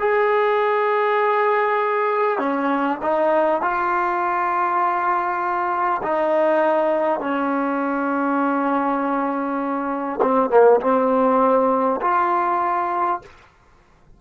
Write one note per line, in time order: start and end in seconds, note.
0.00 2.38 G#4
2.38 2.98 C#4
3.02 3.62 D#4
3.62 6.02 F4
6.03 7.21 D#4
7.21 10.21 C#4
10.22 10.51 C4
10.51 10.81 A#3
10.81 12.01 C4
12.01 13.21 F4